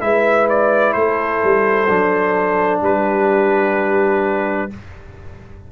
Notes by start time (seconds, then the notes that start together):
0.00 G#3 E4 B4 E5
0.49 D5
0.93 A3 A4 C5
1.44 G3
1.89 F#3 D4
2.81 G3 G4 B4